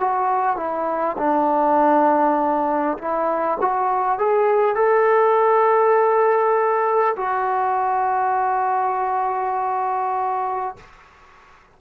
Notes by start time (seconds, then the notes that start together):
0.00 F#4
0.57 E4
1.18 D4
2.99 E4
3.62 F#4
4.19 G#4
4.76 A4
7.17 F#4